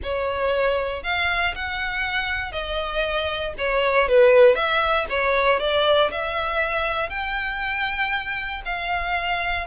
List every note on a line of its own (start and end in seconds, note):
0.03 1.03 C#5
1.03 1.54 F5
1.55 2.51 F#5
2.51 3.53 D#5
3.58 4.08 C#5
4.08 4.55 B4
4.55 5.05 E5
5.09 5.59 C#5
5.59 6.10 D5
6.11 7.09 E5
7.09 8.62 G5
8.65 9.66 F5